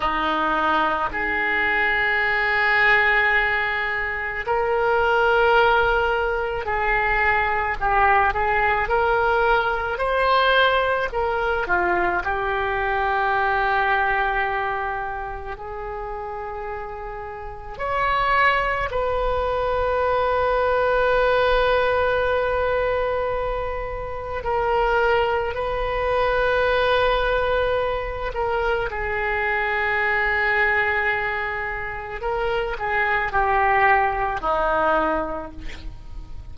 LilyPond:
\new Staff \with { instrumentName = "oboe" } { \time 4/4 \tempo 4 = 54 dis'4 gis'2. | ais'2 gis'4 g'8 gis'8 | ais'4 c''4 ais'8 f'8 g'4~ | g'2 gis'2 |
cis''4 b'2.~ | b'2 ais'4 b'4~ | b'4. ais'8 gis'2~ | gis'4 ais'8 gis'8 g'4 dis'4 | }